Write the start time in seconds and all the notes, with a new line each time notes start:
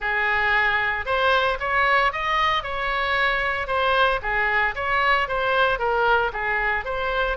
0.00 G#4
1.05 C5
1.59 C#5
2.12 D#5
2.63 C#5
3.67 C5
4.22 G#4
4.75 C#5
5.28 C5
5.78 A#4
6.33 G#4
6.84 C5